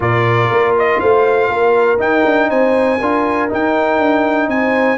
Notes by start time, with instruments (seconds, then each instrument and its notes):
0.00 tuba A#2, trombone F4, horn A#4, trumpet D5
0.50 tuba A#3
0.78 trumpet D#5
0.99 tuba A3, horn C5, trumpet F5
1.48 tuba A#3, horn A#4
1.98 trombone D#4, tuba D#4, trumpet G5
2.25 tuba D4
2.49 tuba C4, horn C5, trumpet G#5
2.98 tuba D4, trombone F4, horn A#4
3.48 trombone D#4, tuba D#4, trumpet G5
3.98 tuba D4
4.48 tuba C4, horn C5, trumpet G#5